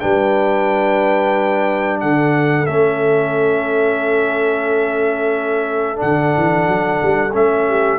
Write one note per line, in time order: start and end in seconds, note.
0.00 2.03 G3
0.00 2.67 D4
0.00 2.01 B4
0.00 2.00 G5
2.00 2.67 D3
2.00 7.68 A4
2.00 2.66 F#5
2.66 6.01 A3
2.66 5.96 C#4
2.66 6.00 E5
5.96 7.30 D4
5.96 7.34 F#5
6.02 6.36 D3
6.37 6.68 E3
6.68 7.02 F#3
7.03 7.35 G3
7.33 7.99 A3
7.33 7.99 C#4
7.33 7.99 E5
7.68 7.99 G4